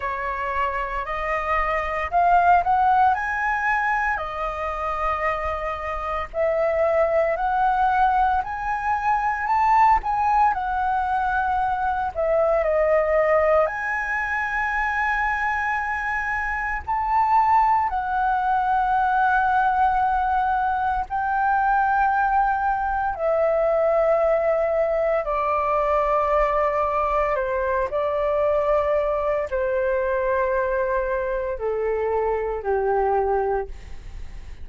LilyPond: \new Staff \with { instrumentName = "flute" } { \time 4/4 \tempo 4 = 57 cis''4 dis''4 f''8 fis''8 gis''4 | dis''2 e''4 fis''4 | gis''4 a''8 gis''8 fis''4. e''8 | dis''4 gis''2. |
a''4 fis''2. | g''2 e''2 | d''2 c''8 d''4. | c''2 a'4 g'4 | }